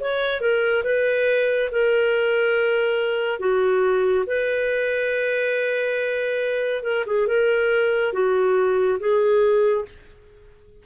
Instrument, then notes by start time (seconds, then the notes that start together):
clarinet
0.00 C#5
0.41 A#4
0.84 B4
1.72 A#4
3.40 F#4
4.27 B4
6.83 A#4
7.06 G#4
7.27 A#4
8.13 F#4
9.00 G#4